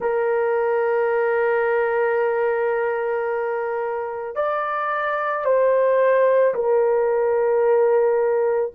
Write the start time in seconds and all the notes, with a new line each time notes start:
0.00 A#4
4.35 D5
5.44 C5
6.54 A#4